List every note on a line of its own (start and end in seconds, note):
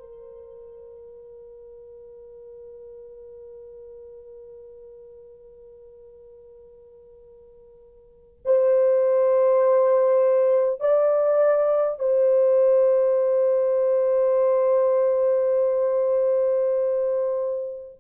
0.00 8.40 A#4
8.45 10.81 C5
10.81 11.99 D5
11.99 17.99 C5